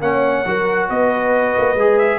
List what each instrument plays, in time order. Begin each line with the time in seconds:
0.00 tuba A#3, trombone C#4, horn C#5, trumpet F#5
0.45 tuba F#3, trombone F#4, horn A#4
0.89 tuba B3, horn B4, trumpet D#5
1.57 tuba A#3
1.74 tuba G#3, trombone G#4
1.98 trumpet E5